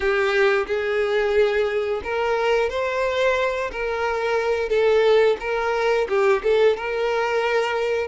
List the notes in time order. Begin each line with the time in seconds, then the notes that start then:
0.00 G4
0.66 G#4
2.03 A#4
2.69 C5
3.71 A#4
4.69 A4
5.40 A#4
6.09 G4
6.43 A4
6.76 A#4